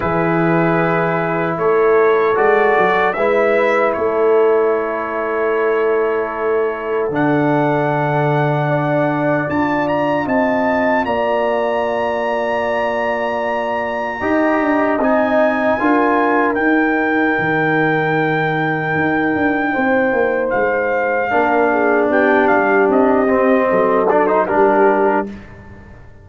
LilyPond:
<<
  \new Staff \with { instrumentName = "trumpet" } { \time 4/4 \tempo 4 = 76 b'2 cis''4 d''4 | e''4 cis''2.~ | cis''4 fis''2. | a''8 ais''8 a''4 ais''2~ |
ais''2. gis''4~ | gis''4 g''2.~ | g''2 f''2 | g''8 f''8 dis''4. d''16 c''16 ais'4 | }
  \new Staff \with { instrumentName = "horn" } { \time 4/4 gis'2 a'2 | b'4 a'2.~ | a'2. d''4~ | d''4 dis''4 d''2~ |
d''2 dis''2 | ais'1~ | ais'4 c''2 ais'8 gis'8 | g'2 a'4 g'4 | }
  \new Staff \with { instrumentName = "trombone" } { \time 4/4 e'2. fis'4 | e'1~ | e'4 d'2. | f'1~ |
f'2 g'4 dis'4 | f'4 dis'2.~ | dis'2. d'4~ | d'4. c'4 d'16 dis'16 d'4 | }
  \new Staff \with { instrumentName = "tuba" } { \time 4/4 e2 a4 gis8 fis8 | gis4 a2.~ | a4 d2. | d'4 c'4 ais2~ |
ais2 dis'8 d'8 c'4 | d'4 dis'4 dis2 | dis'8 d'8 c'8 ais8 gis4 ais4 | b8 g8 c'4 fis4 g4 | }
>>